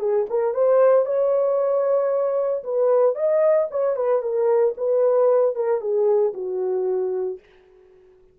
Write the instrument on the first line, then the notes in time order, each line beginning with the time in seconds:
horn
0.00 G#4
0.30 A#4
0.54 C5
1.06 C#5
2.64 B4
3.16 D#5
3.71 C#5
3.96 B4
4.22 A#4
4.78 B4
5.56 A#4
5.81 G#4
6.34 F#4